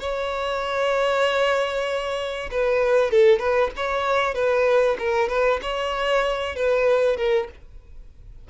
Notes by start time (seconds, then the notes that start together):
0.00 C#5
2.51 B4
3.11 A4
3.39 B4
3.77 C#5
4.34 B4
4.99 A#4
5.29 B4
5.62 C#5
6.56 B4
7.17 A#4